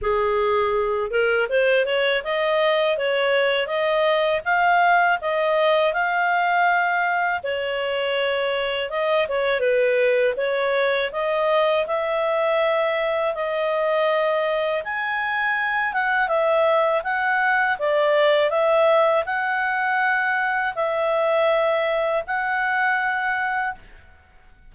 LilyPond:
\new Staff \with { instrumentName = "clarinet" } { \time 4/4 \tempo 4 = 81 gis'4. ais'8 c''8 cis''8 dis''4 | cis''4 dis''4 f''4 dis''4 | f''2 cis''2 | dis''8 cis''8 b'4 cis''4 dis''4 |
e''2 dis''2 | gis''4. fis''8 e''4 fis''4 | d''4 e''4 fis''2 | e''2 fis''2 | }